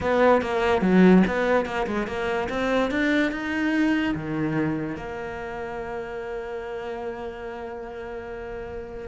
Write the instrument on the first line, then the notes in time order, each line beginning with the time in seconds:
cello
0.01 B3
0.41 A#3
0.81 F#3
1.27 B3
1.65 A#3
1.86 G#3
2.07 A#3
2.49 C4
2.90 D4
3.31 D#4
4.15 D#3
4.96 A#3